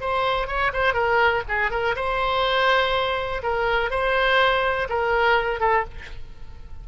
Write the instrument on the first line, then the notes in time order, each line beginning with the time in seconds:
oboe
0.00 C5
0.47 C#5
0.73 C5
0.93 A#4
1.48 G#4
1.71 A#4
1.96 C5
3.43 A#4
3.90 C5
4.89 A#4
5.60 A4